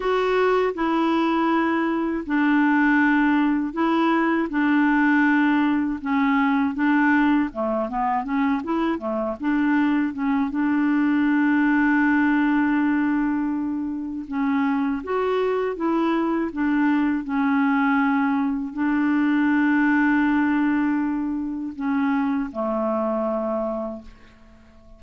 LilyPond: \new Staff \with { instrumentName = "clarinet" } { \time 4/4 \tempo 4 = 80 fis'4 e'2 d'4~ | d'4 e'4 d'2 | cis'4 d'4 a8 b8 cis'8 e'8 | a8 d'4 cis'8 d'2~ |
d'2. cis'4 | fis'4 e'4 d'4 cis'4~ | cis'4 d'2.~ | d'4 cis'4 a2 | }